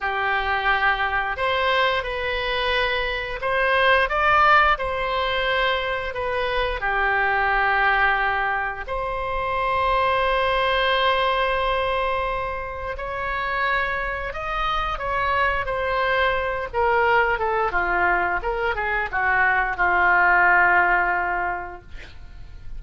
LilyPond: \new Staff \with { instrumentName = "oboe" } { \time 4/4 \tempo 4 = 88 g'2 c''4 b'4~ | b'4 c''4 d''4 c''4~ | c''4 b'4 g'2~ | g'4 c''2.~ |
c''2. cis''4~ | cis''4 dis''4 cis''4 c''4~ | c''8 ais'4 a'8 f'4 ais'8 gis'8 | fis'4 f'2. | }